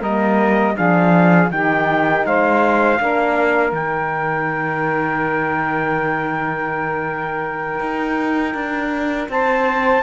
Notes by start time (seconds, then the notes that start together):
0.00 G3 A#3 A#4 D#5
0.75 F3 D4 G#4 F5
1.50 D#3 D#4 G4 G5
2.25 G#3 C5 F5
3.00 A#3 D4 A#4
3.72 D#3 D#4 G5
7.80 D#4
8.54 D4
9.28 C4 C5 A5